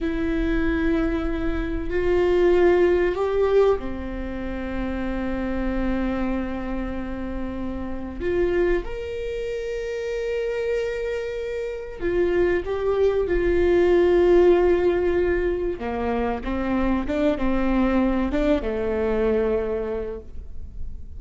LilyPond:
\new Staff \with { instrumentName = "viola" } { \time 4/4 \tempo 4 = 95 e'2. f'4~ | f'4 g'4 c'2~ | c'1~ | c'4 f'4 ais'2~ |
ais'2. f'4 | g'4 f'2.~ | f'4 ais4 c'4 d'8 c'8~ | c'4 d'8 a2~ a8 | }